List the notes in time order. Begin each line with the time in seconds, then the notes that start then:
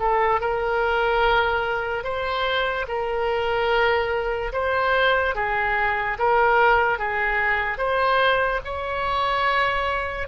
0.00 A4
0.41 A#4
2.04 C5
2.88 A#4
4.53 C5
5.36 G#4
6.19 A#4
6.99 G#4
7.79 C5
8.65 C#5